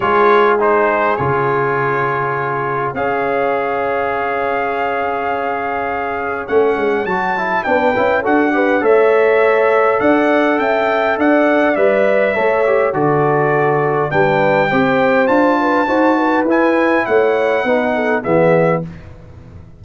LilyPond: <<
  \new Staff \with { instrumentName = "trumpet" } { \time 4/4 \tempo 4 = 102 cis''4 c''4 cis''2~ | cis''4 f''2.~ | f''2. fis''4 | a''4 g''4 fis''4 e''4~ |
e''4 fis''4 g''4 fis''4 | e''2 d''2 | g''2 a''2 | gis''4 fis''2 e''4 | }
  \new Staff \with { instrumentName = "horn" } { \time 4/4 gis'1~ | gis'4 cis''2.~ | cis''1~ | cis''4 b'4 a'8 b'8 cis''4~ |
cis''4 d''4 e''4 d''4~ | d''4 cis''4 a'2 | b'4 c''4. b'8 c''8 b'8~ | b'4 cis''4 b'8 a'8 gis'4 | }
  \new Staff \with { instrumentName = "trombone" } { \time 4/4 f'4 dis'4 f'2~ | f'4 gis'2.~ | gis'2. cis'4 | fis'8 e'8 d'8 e'8 fis'8 g'8 a'4~ |
a'1 | b'4 a'8 g'8 fis'2 | d'4 g'4 f'4 fis'4 | e'2 dis'4 b4 | }
  \new Staff \with { instrumentName = "tuba" } { \time 4/4 gis2 cis2~ | cis4 cis'2.~ | cis'2. a8 gis8 | fis4 b8 cis'8 d'4 a4~ |
a4 d'4 cis'4 d'4 | g4 a4 d2 | g4 c'4 d'4 dis'4 | e'4 a4 b4 e4 | }
>>